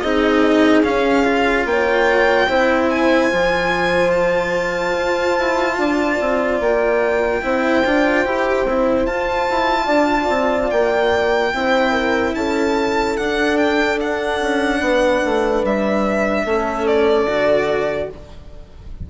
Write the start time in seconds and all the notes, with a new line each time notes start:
0.00 C4 D#4 G#4 D#5
0.83 C#4 F5
1.24 F4
1.65 A#3 C#5 G5
2.48 C4 E4 C5
2.90 G#5
3.30 F3 F4
4.11 A5
4.98 F4
5.38 E4
5.78 D4 D5
6.21 C4
6.60 A#3 G5
7.42 C4 E4 C5
7.85 D4 F4
8.25 E4 G4
8.66 C4 E4
9.06 F4 A5
9.50 E4
9.85 D4 D5
10.29 C4
10.71 A#3 G5
11.53 C4 E4 C5
11.92 A#4
12.35 C#4 A4 A5
13.17 D4 F#5
13.57 G5
14.01 F#5
14.41 C#4
14.80 B3 B4
15.25 A3
15.64 G3 E5
16.45 A3 C#4 A4
16.87 D5
17.27 D3 F#4